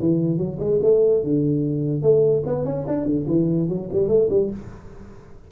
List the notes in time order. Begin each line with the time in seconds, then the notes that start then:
0.00 E3
0.38 F#3
0.60 G#3
0.83 A3
1.24 D3
2.02 A3
2.46 B3
2.65 C#4
2.88 D4
3.06 D3
3.28 E3
3.69 F#3
3.93 G3
4.09 A3
4.30 G3